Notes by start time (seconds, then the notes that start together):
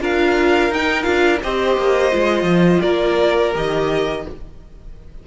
0.00 D4 F4 A#4 F5
0.70 D#4 G5
0.76 D#4
1.03 D4 F4 F5
1.43 C4 G4 C5 D#5
1.77 A#3
2.11 G#3 F4
2.43 F3
2.81 A#3 A#4 D5
3.54 D#3 G4 D#5